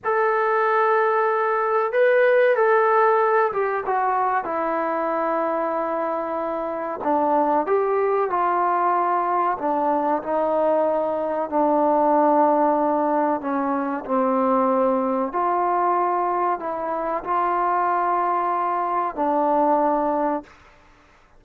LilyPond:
\new Staff \with { instrumentName = "trombone" } { \time 4/4 \tempo 4 = 94 a'2. b'4 | a'4. g'8 fis'4 e'4~ | e'2. d'4 | g'4 f'2 d'4 |
dis'2 d'2~ | d'4 cis'4 c'2 | f'2 e'4 f'4~ | f'2 d'2 | }